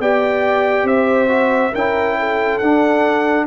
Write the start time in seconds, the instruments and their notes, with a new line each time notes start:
0.00 tuba B3, trombone G4, horn D5, trumpet G5
0.84 tuba C4, horn C5, trumpet E5
1.28 trombone F#4
1.73 tuba C#4, trombone E4, horn A#4, trumpet G5
2.20 horn A4
2.59 trombone D4, tuba D4, trumpet F#5